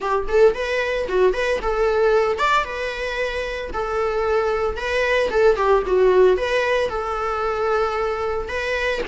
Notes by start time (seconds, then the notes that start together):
0.00 G4
0.28 A4
0.54 B4
1.08 F#4
1.33 B4
1.62 A4
2.38 D5
2.64 B4
3.73 A4
4.76 B4
5.30 A4
5.56 G4
5.86 F#4
6.37 B4
6.89 A4
8.48 B4